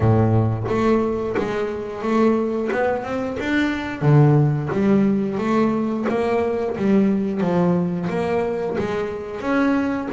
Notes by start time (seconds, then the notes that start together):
0.00 A2
0.68 A3
1.37 G#3
2.02 A3
2.72 B3
3.03 C4
3.39 D4
4.01 D3
4.72 G3
5.37 A3
6.09 A#3
6.77 G3
7.40 F3
8.09 A#3
8.78 G#3
9.40 C#4